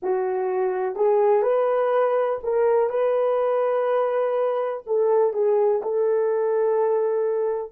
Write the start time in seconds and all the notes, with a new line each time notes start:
0.02 F#4
0.95 G#4
1.42 B4
2.43 A#4
2.89 B4
4.86 A4
5.33 G#4
5.82 A4